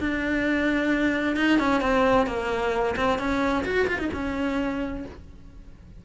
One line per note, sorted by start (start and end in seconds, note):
0.00 1.36 D4
1.36 1.59 D#4
1.59 1.82 C#4
1.82 2.27 C4
2.27 2.96 A#3
2.96 3.19 C4
3.19 3.65 C#4
3.65 3.88 F#4
3.88 3.99 F4
3.99 4.11 D#4
4.14 5.05 C#4